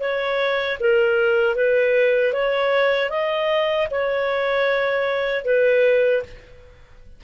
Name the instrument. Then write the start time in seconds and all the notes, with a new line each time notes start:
clarinet
0.00 C#5
0.80 A#4
1.55 B4
2.33 C#5
3.10 D#5
3.91 C#5
5.45 B4